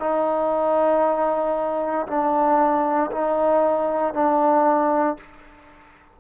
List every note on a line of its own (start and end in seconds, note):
0.00 2.07 D#4
2.08 3.11 D4
3.12 4.14 D#4
4.14 5.18 D4